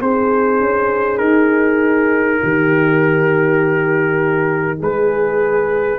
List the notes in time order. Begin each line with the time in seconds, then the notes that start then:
0.00 C4 D#4 G#4 C5
0.61 C#4
1.18 D#4 A#4
2.44 D#3 G4
4.79 G#3 G#4 B4